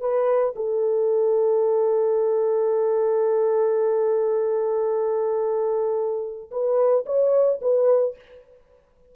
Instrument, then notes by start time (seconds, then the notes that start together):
horn
0.00 B4
0.56 A4
6.51 B4
7.05 C#5
7.61 B4